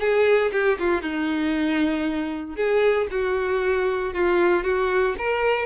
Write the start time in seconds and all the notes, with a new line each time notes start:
0.00 G#4
0.52 G4
0.79 F4
1.02 D#4
2.56 G#4
3.11 F#4
4.14 F4
4.64 F#4
5.18 A#4